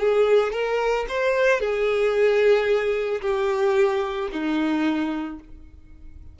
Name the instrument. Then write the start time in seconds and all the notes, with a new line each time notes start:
violin
0.00 G#4
0.53 A#4
1.09 C5
1.61 G#4
3.22 G4
4.32 D#4